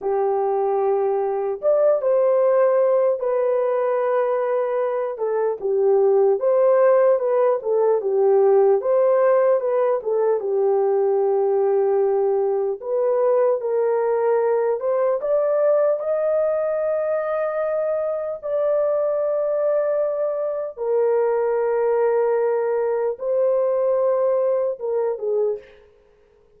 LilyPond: \new Staff \with { instrumentName = "horn" } { \time 4/4 \tempo 4 = 75 g'2 d''8 c''4. | b'2~ b'8 a'8 g'4 | c''4 b'8 a'8 g'4 c''4 | b'8 a'8 g'2. |
b'4 ais'4. c''8 d''4 | dis''2. d''4~ | d''2 ais'2~ | ais'4 c''2 ais'8 gis'8 | }